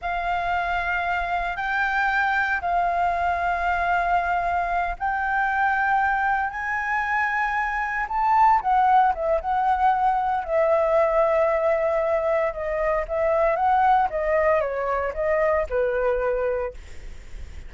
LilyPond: \new Staff \with { instrumentName = "flute" } { \time 4/4 \tempo 4 = 115 f''2. g''4~ | g''4 f''2.~ | f''4. g''2~ g''8~ | g''8 gis''2. a''8~ |
a''8 fis''4 e''8 fis''2 | e''1 | dis''4 e''4 fis''4 dis''4 | cis''4 dis''4 b'2 | }